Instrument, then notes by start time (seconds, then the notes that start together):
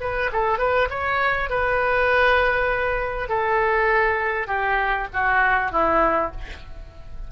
oboe
0.00 B4
0.32 A4
0.58 B4
0.90 C#5
1.49 B4
3.28 A4
4.47 G4
5.13 F#4
5.71 E4